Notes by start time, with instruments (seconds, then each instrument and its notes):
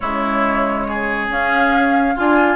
0.00 bassoon C#3, clarinet G#3, oboe E4, flute C#5
0.87 oboe G#4
1.29 clarinet C#4, bassoon C#4, flute F5
2.14 bassoon D4, oboe F4, clarinet F4, flute G#5